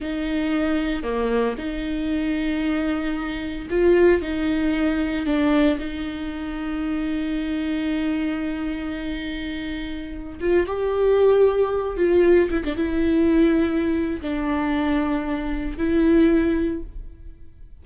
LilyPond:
\new Staff \with { instrumentName = "viola" } { \time 4/4 \tempo 4 = 114 dis'2 ais4 dis'4~ | dis'2. f'4 | dis'2 d'4 dis'4~ | dis'1~ |
dis'2.~ dis'8. f'16~ | f'16 g'2~ g'8 f'4 e'16 | d'16 e'2~ e'8. d'4~ | d'2 e'2 | }